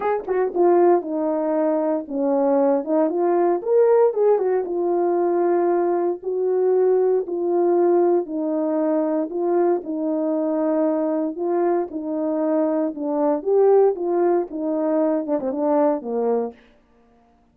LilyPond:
\new Staff \with { instrumentName = "horn" } { \time 4/4 \tempo 4 = 116 gis'8 fis'8 f'4 dis'2 | cis'4. dis'8 f'4 ais'4 | gis'8 fis'8 f'2. | fis'2 f'2 |
dis'2 f'4 dis'4~ | dis'2 f'4 dis'4~ | dis'4 d'4 g'4 f'4 | dis'4. d'16 c'16 d'4 ais4 | }